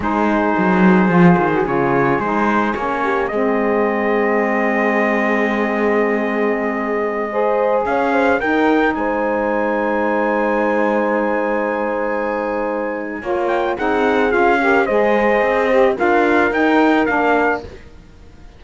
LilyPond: <<
  \new Staff \with { instrumentName = "trumpet" } { \time 4/4 \tempo 4 = 109 c''2. cis''4 | c''4 cis''4 dis''2~ | dis''1~ | dis''2~ dis''16 f''4 g''8.~ |
g''16 gis''2.~ gis''8.~ | gis''1~ | gis''8 g''8 fis''4 f''4 dis''4~ | dis''4 f''4 g''4 f''4 | }
  \new Staff \with { instrumentName = "horn" } { \time 4/4 gis'1~ | gis'4. g'8 gis'2~ | gis'1~ | gis'4~ gis'16 c''4 cis''8 c''8 ais'8.~ |
ais'16 c''2.~ c''8.~ | c''1 | cis''4 gis'4. ais'8 c''4~ | c''4 ais'2. | }
  \new Staff \with { instrumentName = "saxophone" } { \time 4/4 dis'2 f'8. fis'16 f'4 | dis'4 cis'4 c'2~ | c'1~ | c'4~ c'16 gis'2 dis'8.~ |
dis'1~ | dis'1 | f'4 dis'4 f'8 g'8 gis'4~ | gis'8 g'8 f'4 dis'4 d'4 | }
  \new Staff \with { instrumentName = "cello" } { \time 4/4 gis4 fis4 f8 dis8 cis4 | gis4 ais4 gis2~ | gis1~ | gis2~ gis16 cis'4 dis'8.~ |
dis'16 gis2.~ gis8.~ | gis1 | ais4 c'4 cis'4 gis4 | c'4 d'4 dis'4 ais4 | }
>>